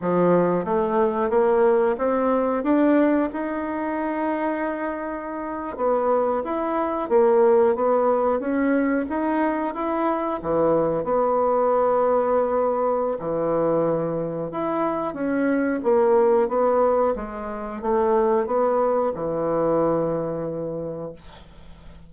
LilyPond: \new Staff \with { instrumentName = "bassoon" } { \time 4/4 \tempo 4 = 91 f4 a4 ais4 c'4 | d'4 dis'2.~ | dis'8. b4 e'4 ais4 b16~ | b8. cis'4 dis'4 e'4 e16~ |
e8. b2.~ b16 | e2 e'4 cis'4 | ais4 b4 gis4 a4 | b4 e2. | }